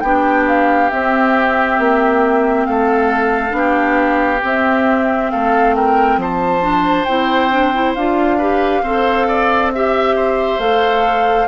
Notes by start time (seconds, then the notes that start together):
0.00 B3 D4 G4 G5
0.48 F5
0.91 C4 E5
1.79 A#3
2.65 A3 A4 F5
3.50 B3 D4
3.58 G4
4.44 C4 E5
5.31 A3 A4 F5
5.76 A#4 G5
6.17 F3 C5 A5
6.62 D4
7.05 C4 E4 G5
7.51 D4
7.74 E4
7.95 D4 F4 F5
8.38 G4 B4
8.83 C4 A4 C5
9.28 D5
9.72 G4 E5
10.16 C5
10.59 A3 A4 F5